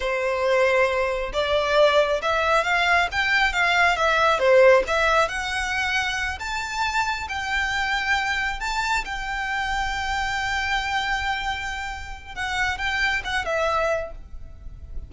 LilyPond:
\new Staff \with { instrumentName = "violin" } { \time 4/4 \tempo 4 = 136 c''2. d''4~ | d''4 e''4 f''4 g''4 | f''4 e''4 c''4 e''4 | fis''2~ fis''8 a''4.~ |
a''8 g''2. a''8~ | a''8 g''2.~ g''8~ | g''1 | fis''4 g''4 fis''8 e''4. | }